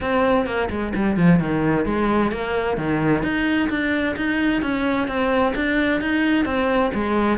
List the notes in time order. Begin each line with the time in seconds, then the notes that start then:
0.00 C4
0.46 A#3
0.70 G#3
0.94 G3
1.16 F3
1.39 D#3
1.85 G#3
2.31 A#3
2.77 D#3
3.22 D#4
3.69 D4
4.16 D#4
4.62 C#4
5.07 C4
5.55 D4
6.00 D#4
6.45 C4
6.94 G#3